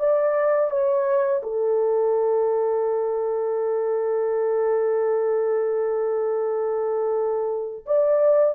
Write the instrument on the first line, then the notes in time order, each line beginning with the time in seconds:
horn
0.00 D5
0.71 C#5
1.43 A4
7.86 D5